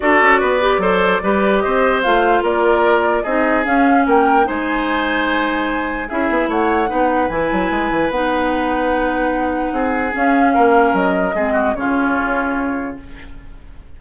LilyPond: <<
  \new Staff \with { instrumentName = "flute" } { \time 4/4 \tempo 4 = 148 d''1 | dis''4 f''4 d''2 | dis''4 f''4 g''4 gis''4~ | gis''2. e''4 |
fis''2 gis''2 | fis''1~ | fis''4 f''2 dis''4~ | dis''4 cis''2. | }
  \new Staff \with { instrumentName = "oboe" } { \time 4/4 a'4 b'4 c''4 b'4 | c''2 ais'2 | gis'2 ais'4 c''4~ | c''2. gis'4 |
cis''4 b'2.~ | b'1 | gis'2 ais'2 | gis'8 fis'8 f'2. | }
  \new Staff \with { instrumentName = "clarinet" } { \time 4/4 fis'4. g'8 a'4 g'4~ | g'4 f'2. | dis'4 cis'2 dis'4~ | dis'2. e'4~ |
e'4 dis'4 e'2 | dis'1~ | dis'4 cis'2. | c'4 cis'2. | }
  \new Staff \with { instrumentName = "bassoon" } { \time 4/4 d'8 cis'8 b4 fis4 g4 | c'4 a4 ais2 | c'4 cis'4 ais4 gis4~ | gis2. cis'8 b8 |
a4 b4 e8 fis8 gis8 e8 | b1 | c'4 cis'4 ais4 fis4 | gis4 cis2. | }
>>